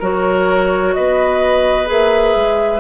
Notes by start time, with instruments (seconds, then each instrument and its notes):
0.00 bassoon F#3, clarinet F#4, oboe A#4, flute C#5
0.94 bassoon B3, oboe B4, flute D#5
1.86 bassoon A#3, clarinet G#4, flute E5
2.36 bassoon G#3